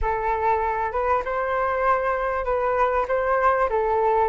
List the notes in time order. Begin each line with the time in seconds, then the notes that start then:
0.01 A4
0.92 B4
1.24 C5
2.45 B4
3.08 C5
3.69 A4